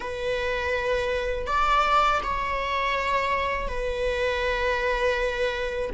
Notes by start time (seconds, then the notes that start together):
0.00 B4
1.46 D5
2.23 C#5
3.68 B4